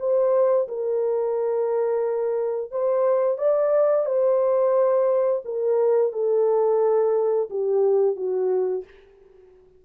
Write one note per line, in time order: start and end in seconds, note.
0.00 0.68 C5
0.68 2.71 A#4
2.71 3.38 C5
3.38 4.06 D5
4.06 5.42 C5
5.45 6.13 A#4
6.13 7.49 A4
7.50 8.16 G4
8.16 8.85 F#4